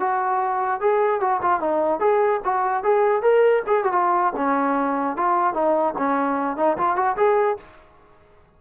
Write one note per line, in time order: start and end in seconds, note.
0.00 0.81 F#4
0.81 1.21 G#4
1.21 1.41 F#4
1.42 1.61 F4
1.61 2.00 D#4
2.00 2.41 G#4
2.45 2.84 F#4
2.84 3.22 G#4
3.22 3.63 A#4
3.67 3.84 G#4
3.84 3.93 F#4
3.93 4.33 F4
4.37 5.17 C#4
5.17 5.54 F4
5.54 5.95 D#4
5.98 6.57 C#4
6.57 6.77 D#4
6.78 6.96 F4
6.96 7.17 F#4
7.17 7.58 G#4